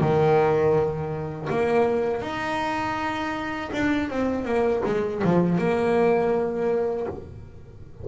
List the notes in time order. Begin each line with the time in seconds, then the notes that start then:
0.00 D#3
1.49 A#3
2.22 D#4
3.72 D4
4.09 C4
4.45 A#3
4.85 G#3
5.23 F3
5.58 A#3